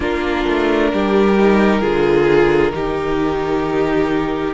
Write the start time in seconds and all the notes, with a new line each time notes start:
0.00 A#3 D4 F4 A#4
0.47 A3
0.93 G3 G4
1.38 D#4
1.80 D3 F4 G#4
2.73 D#3 D#4 G4